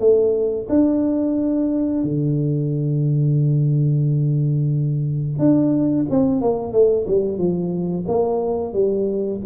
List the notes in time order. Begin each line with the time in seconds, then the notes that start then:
0.00 A3
0.70 D4
2.04 D3
5.39 D4
6.10 C4
6.42 A#3
6.73 A3
7.07 G3
7.38 F3
8.08 A#3
8.73 G3